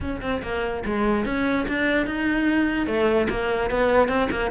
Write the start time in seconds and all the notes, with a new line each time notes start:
0.00 C#4
0.21 C4
0.42 A#3
0.85 G#3
1.25 C#4
1.68 D4
2.06 D#4
2.86 A3
3.29 A#3
3.70 B3
4.08 C4
4.30 A#3